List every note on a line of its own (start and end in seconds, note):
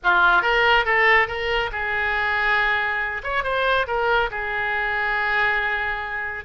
0.03 0.42 F4
0.42 0.85 A#4
0.85 1.27 A4
1.27 1.70 A#4
1.71 3.21 G#4
3.23 3.43 C#5
3.43 3.86 C5
3.87 4.30 A#4
4.31 6.44 G#4